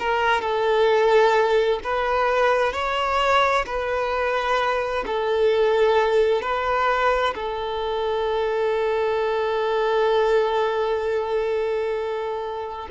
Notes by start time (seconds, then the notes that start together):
0.00 A#4
0.42 A4
1.84 B4
2.73 C#5
3.66 B4
5.06 A4
6.42 B4
7.35 A4